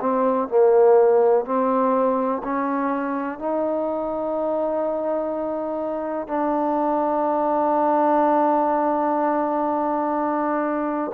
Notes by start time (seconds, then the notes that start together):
0.00 C4
0.48 A#3
1.45 C4
2.44 C#4
3.39 D#4
6.28 D4